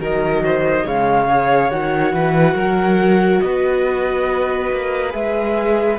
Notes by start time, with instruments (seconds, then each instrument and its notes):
0.00 cello D#3, viola F#3, violin A#4, flute D#5
0.45 violin C5
0.84 cello C#3, viola G#3, violin C#5, flute F5
1.29 viola G#4
1.71 cello D#3, viola F#4, flute F#5
2.13 cello E3, violin B4
2.54 cello F#3, violin A#4
3.41 cello B3, violin B4, flute D#5
4.72 cello A#3
5.11 cello G#3, viola G#4, flute E5